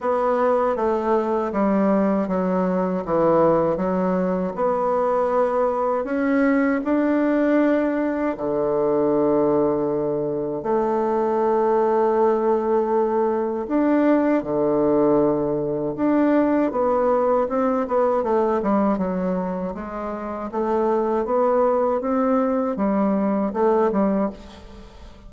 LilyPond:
\new Staff \with { instrumentName = "bassoon" } { \time 4/4 \tempo 4 = 79 b4 a4 g4 fis4 | e4 fis4 b2 | cis'4 d'2 d4~ | d2 a2~ |
a2 d'4 d4~ | d4 d'4 b4 c'8 b8 | a8 g8 fis4 gis4 a4 | b4 c'4 g4 a8 g8 | }